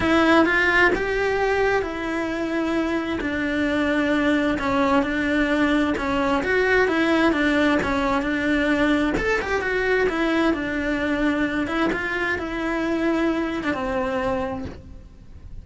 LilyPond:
\new Staff \with { instrumentName = "cello" } { \time 4/4 \tempo 4 = 131 e'4 f'4 g'2 | e'2. d'4~ | d'2 cis'4 d'4~ | d'4 cis'4 fis'4 e'4 |
d'4 cis'4 d'2 | a'8 g'8 fis'4 e'4 d'4~ | d'4. e'8 f'4 e'4~ | e'4.~ e'16 d'16 c'2 | }